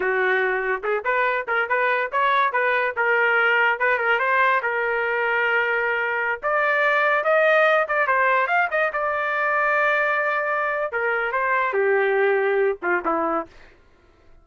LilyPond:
\new Staff \with { instrumentName = "trumpet" } { \time 4/4 \tempo 4 = 143 fis'2 gis'8 b'4 ais'8 | b'4 cis''4 b'4 ais'4~ | ais'4 b'8 ais'8 c''4 ais'4~ | ais'2.~ ais'16 d''8.~ |
d''4~ d''16 dis''4. d''8 c''8.~ | c''16 f''8 dis''8 d''2~ d''8.~ | d''2 ais'4 c''4 | g'2~ g'8 f'8 e'4 | }